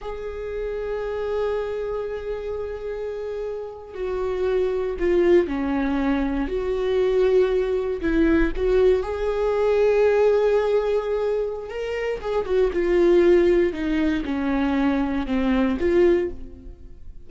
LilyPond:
\new Staff \with { instrumentName = "viola" } { \time 4/4 \tempo 4 = 118 gis'1~ | gis'2.~ gis'8. fis'16~ | fis'4.~ fis'16 f'4 cis'4~ cis'16~ | cis'8. fis'2. e'16~ |
e'8. fis'4 gis'2~ gis'16~ | gis'2. ais'4 | gis'8 fis'8 f'2 dis'4 | cis'2 c'4 f'4 | }